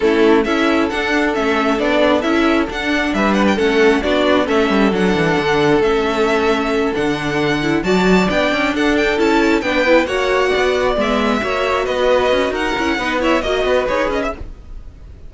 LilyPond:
<<
  \new Staff \with { instrumentName = "violin" } { \time 4/4 \tempo 4 = 134 a'4 e''4 fis''4 e''4 | d''4 e''4 fis''4 e''8 fis''16 g''16 | fis''4 d''4 e''4 fis''4~ | fis''4 e''2~ e''8 fis''8~ |
fis''4. a''4 g''4 fis''8 | g''8 a''4 g''4 fis''4.~ | fis''8 e''2 dis''4. | fis''4. e''8 dis''4 cis''8 dis''16 e''16 | }
  \new Staff \with { instrumentName = "violin" } { \time 4/4 e'4 a'2.~ | a'2. b'4 | a'4 fis'4 a'2~ | a'1~ |
a'4. d''2 a'8~ | a'4. b'4 cis''4 d''8~ | d''4. cis''4 b'4. | ais'4 b'8 cis''8 dis''8 b'4. | }
  \new Staff \with { instrumentName = "viola" } { \time 4/4 cis'4 e'4 d'4 cis'4 | d'4 e'4 d'2 | cis'4 d'4 cis'4 d'4~ | d'4 cis'2~ cis'8 d'8~ |
d'4 e'8 fis'4 d'4.~ | d'8 e'4 d'8 e'8 fis'4.~ | fis'8 b4 fis'2~ fis'8~ | fis'8 e'8 dis'8 e'8 fis'4 gis'4 | }
  \new Staff \with { instrumentName = "cello" } { \time 4/4 a4 cis'4 d'4 a4 | b4 cis'4 d'4 g4 | a4 b4 a8 g8 fis8 e8 | d4 a2~ a8 d8~ |
d4. fis4 b8 cis'8 d'8~ | d'8 cis'4 b4 ais4 b8~ | b8 gis4 ais4 b4 cis'8 | dis'8 cis'8 b4 ais8 b8 dis'8 cis'8 | }
>>